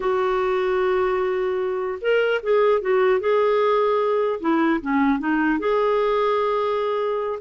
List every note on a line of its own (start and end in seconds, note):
0.00 1.99 F#4
2.01 2.41 A#4
2.42 2.81 G#4
2.81 3.19 F#4
3.19 4.39 G#4
4.40 4.80 E4
4.81 5.19 C#4
5.19 5.59 D#4
5.59 7.39 G#4